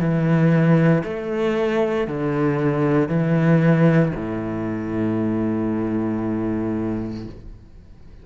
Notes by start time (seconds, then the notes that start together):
0.00 E3
1.04 A3
2.08 D3
3.09 E3
4.16 A2